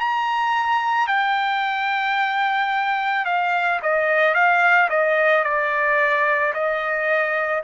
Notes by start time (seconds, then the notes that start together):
0.00 A#5
1.08 G5
3.25 F5
3.82 D#5
4.34 F5
4.90 D#5
5.44 D5
6.54 D#5